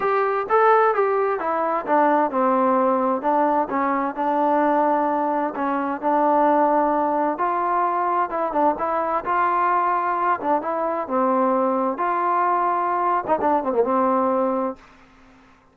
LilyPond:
\new Staff \with { instrumentName = "trombone" } { \time 4/4 \tempo 4 = 130 g'4 a'4 g'4 e'4 | d'4 c'2 d'4 | cis'4 d'2. | cis'4 d'2. |
f'2 e'8 d'8 e'4 | f'2~ f'8 d'8 e'4 | c'2 f'2~ | f'8. dis'16 d'8 c'16 ais16 c'2 | }